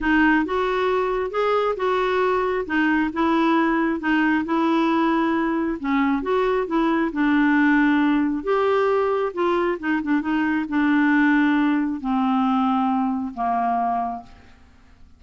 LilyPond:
\new Staff \with { instrumentName = "clarinet" } { \time 4/4 \tempo 4 = 135 dis'4 fis'2 gis'4 | fis'2 dis'4 e'4~ | e'4 dis'4 e'2~ | e'4 cis'4 fis'4 e'4 |
d'2. g'4~ | g'4 f'4 dis'8 d'8 dis'4 | d'2. c'4~ | c'2 ais2 | }